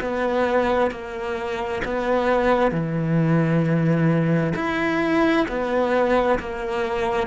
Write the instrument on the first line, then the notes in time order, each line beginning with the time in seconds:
cello
0.00 B3
0.90 A#3
1.84 B3
2.71 E3
4.55 E4
5.48 B3
6.39 A#3